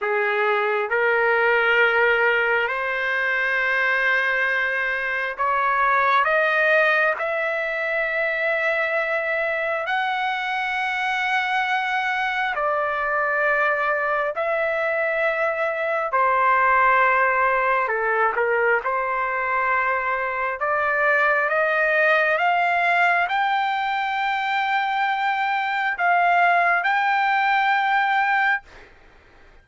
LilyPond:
\new Staff \with { instrumentName = "trumpet" } { \time 4/4 \tempo 4 = 67 gis'4 ais'2 c''4~ | c''2 cis''4 dis''4 | e''2. fis''4~ | fis''2 d''2 |
e''2 c''2 | a'8 ais'8 c''2 d''4 | dis''4 f''4 g''2~ | g''4 f''4 g''2 | }